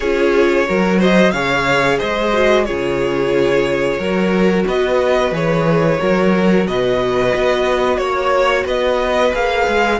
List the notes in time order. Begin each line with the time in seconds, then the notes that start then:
0.00 C#4 F4 G#4 C#5
0.66 F#3 F#4 A#4
0.99 C5 D#5
1.31 C#3 G#4 C#5 F5
1.98 G#3 C5 D#5
2.32 F#4
2.64 C#3 F4 G#4 C#5
3.98 F#3 F#4 A#4
4.66 B3 B4 D#5
5.31 E3 G#4 C#5
5.98 F#3 F#4 A#4
6.67 B2 B4 D#5
7.34 B3
7.97 A#3 C#5
8.64 B3 B4 D#5
9.32 A#3 G#4 F5
9.67 G#3